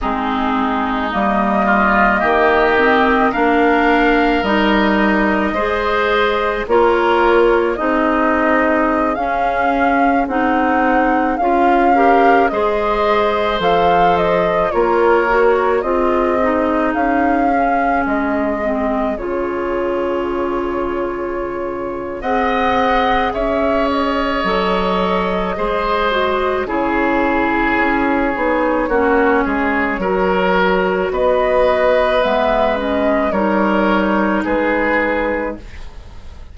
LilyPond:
<<
  \new Staff \with { instrumentName = "flute" } { \time 4/4 \tempo 4 = 54 gis'4 dis''2 f''4 | dis''2 cis''4 dis''4~ | dis''16 f''4 fis''4 f''4 dis''8.~ | dis''16 f''8 dis''8 cis''4 dis''4 f''8.~ |
f''16 dis''4 cis''2~ cis''8. | fis''4 e''8 dis''2~ dis''8 | cis''1 | dis''4 e''8 dis''8 cis''4 b'4 | }
  \new Staff \with { instrumentName = "oboe" } { \time 4/4 dis'4. f'8 g'4 ais'4~ | ais'4 c''4 ais'4 gis'4~ | gis'2~ gis'8. ais'8 c''8.~ | c''4~ c''16 ais'4 gis'4.~ gis'16~ |
gis'1 | dis''4 cis''2 c''4 | gis'2 fis'8 gis'8 ais'4 | b'2 ais'4 gis'4 | }
  \new Staff \with { instrumentName = "clarinet" } { \time 4/4 c'4 ais4. c'8 d'4 | dis'4 gis'4 f'4 dis'4~ | dis'16 cis'4 dis'4 f'8 g'8 gis'8.~ | gis'16 a'4 f'8 fis'8 f'8 dis'4 cis'16~ |
cis'8. c'8 f'2~ f'8. | gis'2 a'4 gis'8 fis'8 | e'4. dis'8 cis'4 fis'4~ | fis'4 b8 cis'8 dis'2 | }
  \new Staff \with { instrumentName = "bassoon" } { \time 4/4 gis4 g4 dis4 ais4 | g4 gis4 ais4 c'4~ | c'16 cis'4 c'4 cis'4 gis8.~ | gis16 f4 ais4 c'4 cis'8.~ |
cis'16 gis4 cis2~ cis8. | c'4 cis'4 fis4 gis4 | cis4 cis'8 b8 ais8 gis8 fis4 | b4 gis4 g4 gis4 | }
>>